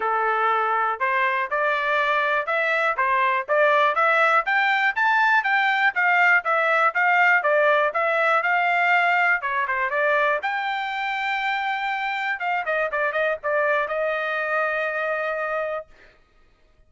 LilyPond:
\new Staff \with { instrumentName = "trumpet" } { \time 4/4 \tempo 4 = 121 a'2 c''4 d''4~ | d''4 e''4 c''4 d''4 | e''4 g''4 a''4 g''4 | f''4 e''4 f''4 d''4 |
e''4 f''2 cis''8 c''8 | d''4 g''2.~ | g''4 f''8 dis''8 d''8 dis''8 d''4 | dis''1 | }